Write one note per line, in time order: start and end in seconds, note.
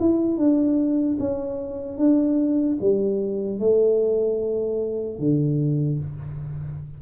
0.00 0.38 E4
0.38 1.18 D4
1.20 1.98 C#4
1.98 2.78 D4
2.81 3.60 G3
3.60 5.19 A3
5.19 5.99 D3